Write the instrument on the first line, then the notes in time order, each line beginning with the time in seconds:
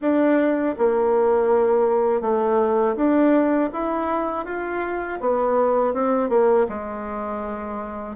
bassoon
0.01 D4
0.78 A#3
2.21 A3
2.96 D4
3.72 E4
4.45 F4
5.20 B3
5.93 C4
6.29 A#3
6.69 G#3